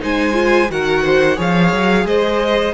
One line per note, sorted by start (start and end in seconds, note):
0.00 0.70 G#3
0.00 0.34 D#4
0.00 0.71 C5
0.00 0.71 G#5
0.34 0.68 F4
0.70 1.39 D#3
0.70 1.37 F#4
0.70 1.04 A#4
0.70 1.39 F#5
1.04 1.37 C5
1.37 1.73 F3
1.37 2.73 G#4
1.37 2.05 C#5
1.37 2.07 F5
1.73 2.05 F#3
2.05 2.73 G#3
2.05 2.74 C5
2.05 2.74 D#5